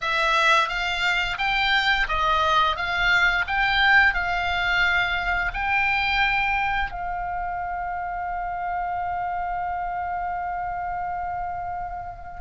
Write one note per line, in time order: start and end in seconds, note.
0.01 0.68 E5
0.68 1.37 F5
1.38 2.07 G5
2.08 2.76 D#5
2.76 3.45 F5
3.47 4.13 G5
4.13 5.51 F5
5.53 6.91 G5
6.91 12.41 F5